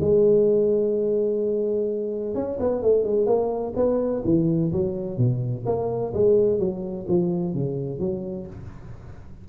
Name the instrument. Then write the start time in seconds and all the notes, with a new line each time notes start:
tuba
0.00 G#3
2.34 C#4
2.60 B3
2.82 A3
3.04 G#3
3.26 A#3
3.75 B3
4.24 E3
4.72 F#3
5.17 B2
5.65 A#3
6.14 G#3
6.59 F#3
7.08 F3
7.54 C#3
7.99 F#3